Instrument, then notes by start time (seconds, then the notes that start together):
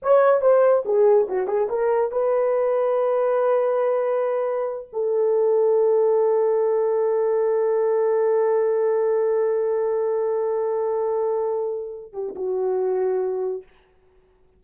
horn
0.02 C#5
0.41 C5
0.85 G#4
1.28 F#4
1.47 G#4
1.69 A#4
2.11 B4
4.92 A4
12.13 G4
12.35 F#4